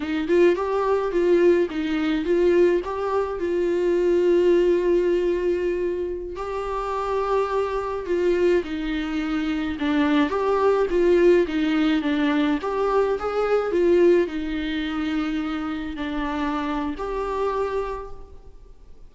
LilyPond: \new Staff \with { instrumentName = "viola" } { \time 4/4 \tempo 4 = 106 dis'8 f'8 g'4 f'4 dis'4 | f'4 g'4 f'2~ | f'2.~ f'16 g'8.~ | g'2~ g'16 f'4 dis'8.~ |
dis'4~ dis'16 d'4 g'4 f'8.~ | f'16 dis'4 d'4 g'4 gis'8.~ | gis'16 f'4 dis'2~ dis'8.~ | dis'16 d'4.~ d'16 g'2 | }